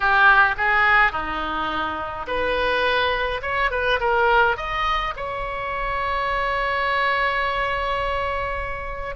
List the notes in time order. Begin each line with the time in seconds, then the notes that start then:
0.00 G4
0.57 G#4
1.12 D#4
2.27 B4
3.42 C#5
3.70 B4
4.00 A#4
4.56 D#5
5.16 C#5